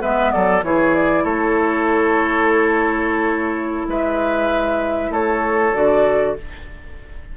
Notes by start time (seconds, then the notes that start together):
0.00 G#3 B3 B4 E5
0.31 F#3 A4 D5
0.63 E3 E4 G#4 C#5
0.95 D5
1.23 A3 A4 C#5
3.88 G#3 B4 E5
5.10 A3 A4 C#5
5.74 D3 F#4 D5